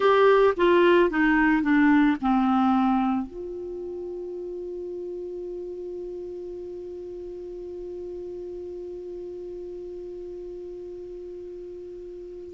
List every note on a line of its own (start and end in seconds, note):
0.00 0.54 G4
0.57 1.10 F4
1.10 1.62 D#4
1.62 2.16 D4
2.21 3.26 C4
3.26 12.54 F4